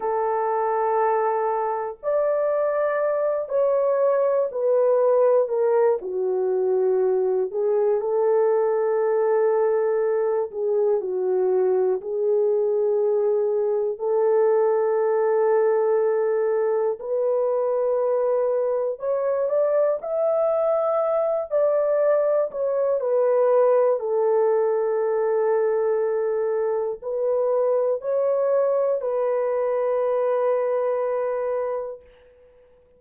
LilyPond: \new Staff \with { instrumentName = "horn" } { \time 4/4 \tempo 4 = 60 a'2 d''4. cis''8~ | cis''8 b'4 ais'8 fis'4. gis'8 | a'2~ a'8 gis'8 fis'4 | gis'2 a'2~ |
a'4 b'2 cis''8 d''8 | e''4. d''4 cis''8 b'4 | a'2. b'4 | cis''4 b'2. | }